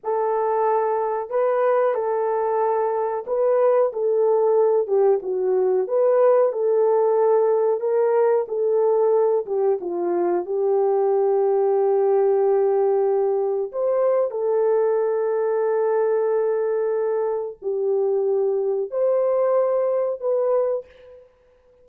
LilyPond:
\new Staff \with { instrumentName = "horn" } { \time 4/4 \tempo 4 = 92 a'2 b'4 a'4~ | a'4 b'4 a'4. g'8 | fis'4 b'4 a'2 | ais'4 a'4. g'8 f'4 |
g'1~ | g'4 c''4 a'2~ | a'2. g'4~ | g'4 c''2 b'4 | }